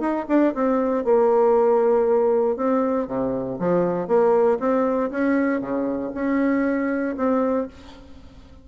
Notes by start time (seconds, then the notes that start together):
0.00 D#4
0.28 D4
0.54 C4
1.04 A#3
2.56 C4
3.07 C3
3.59 F3
4.07 A#3
4.59 C4
5.11 C#4
5.61 C#3
6.14 C#4
7.17 C4